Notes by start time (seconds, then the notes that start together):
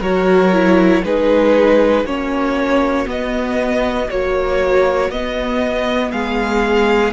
0.00 F#3 F#4 A#4 C#5
0.53 E4
1.03 G#3 D#4 G#4 B4
2.04 A#3 C#4 F#4 C#5
3.06 B3 D#5
4.09 F#3 A#3 C#5
5.10 B3 D#5
6.11 G#3 G#4 F5